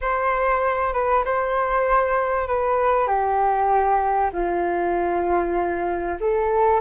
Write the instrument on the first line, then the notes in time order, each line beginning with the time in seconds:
flute
0.01 C5
0.93 B4
1.24 C5
2.47 B4
3.07 G4
4.32 F4
6.20 A4